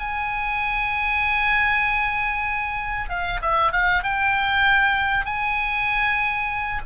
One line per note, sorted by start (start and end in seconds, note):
0.00 3.10 G#5
3.10 3.41 F5
3.42 3.72 E5
3.72 4.04 F5
4.04 5.26 G5
5.26 6.82 G#5